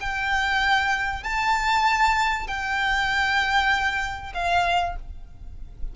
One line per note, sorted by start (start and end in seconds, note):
0.00 1.23 G5
1.23 2.47 A5
2.47 4.33 G5
4.34 4.96 F5